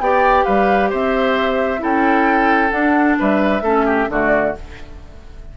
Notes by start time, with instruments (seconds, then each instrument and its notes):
0.00 bassoon B3, clarinet G4, oboe D5, flute G5
0.45 bassoon G3, oboe B4, flute F5
0.90 bassoon C4, oboe C5, flute E5
1.79 bassoon C#4, clarinet E4, oboe A4, flute G5
2.71 clarinet D4, bassoon D4, flute F#5
3.19 bassoon G3, oboe B4, flute E5
3.62 bassoon A3, clarinet C#4, oboe A4
3.86 oboe G4
4.09 bassoon D3, clarinet A3, oboe F#4, flute D5